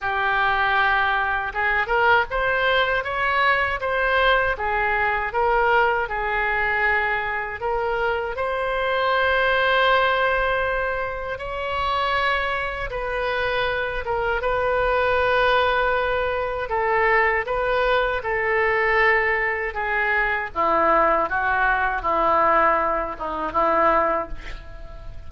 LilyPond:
\new Staff \with { instrumentName = "oboe" } { \time 4/4 \tempo 4 = 79 g'2 gis'8 ais'8 c''4 | cis''4 c''4 gis'4 ais'4 | gis'2 ais'4 c''4~ | c''2. cis''4~ |
cis''4 b'4. ais'8 b'4~ | b'2 a'4 b'4 | a'2 gis'4 e'4 | fis'4 e'4. dis'8 e'4 | }